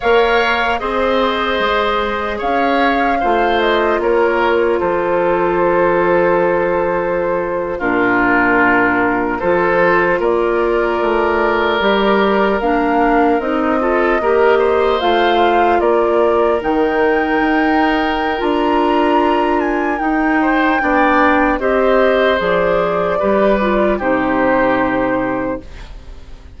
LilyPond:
<<
  \new Staff \with { instrumentName = "flute" } { \time 4/4 \tempo 4 = 75 f''4 dis''2 f''4~ | f''8 dis''8 cis''4 c''2~ | c''4.~ c''16 ais'2 c''16~ | c''8. d''2. f''16~ |
f''8. dis''2 f''4 d''16~ | d''8. g''2~ g''16 ais''4~ | ais''8 gis''8 g''2 dis''4 | d''2 c''2 | }
  \new Staff \with { instrumentName = "oboe" } { \time 4/4 cis''4 c''2 cis''4 | c''4 ais'4 a'2~ | a'4.~ a'16 f'2 a'16~ | a'8. ais'2.~ ais'16~ |
ais'4~ ais'16 a'8 ais'8 c''4. ais'16~ | ais'1~ | ais'4. c''8 d''4 c''4~ | c''4 b'4 g'2 | }
  \new Staff \with { instrumentName = "clarinet" } { \time 4/4 ais'4 gis'2. | f'1~ | f'4.~ f'16 d'2 f'16~ | f'2~ f'8. g'4 d'16~ |
d'8. dis'8 f'8 g'4 f'4~ f'16~ | f'8. dis'2~ dis'16 f'4~ | f'4 dis'4 d'4 g'4 | gis'4 g'8 f'8 dis'2 | }
  \new Staff \with { instrumentName = "bassoon" } { \time 4/4 ais4 c'4 gis4 cis'4 | a4 ais4 f2~ | f4.~ f16 ais,2 f16~ | f8. ais4 a4 g4 ais16~ |
ais8. c'4 ais4 a4 ais16~ | ais8. dis4 dis'4~ dis'16 d'4~ | d'4 dis'4 b4 c'4 | f4 g4 c2 | }
>>